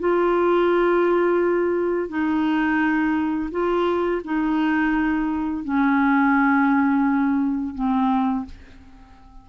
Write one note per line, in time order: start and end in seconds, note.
0.00 2.09 F4
2.09 3.50 D#4
3.52 4.22 F4
4.25 5.64 D#4
5.64 7.75 C#4
7.75 8.46 C4